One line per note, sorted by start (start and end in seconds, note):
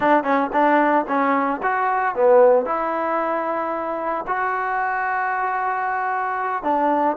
0.00 0.23 D4
0.23 0.49 C#4
0.52 1.05 D4
1.07 1.60 C#4
1.62 2.15 F#4
2.15 2.65 B3
2.65 4.25 E4
4.27 6.63 F#4
6.63 7.16 D4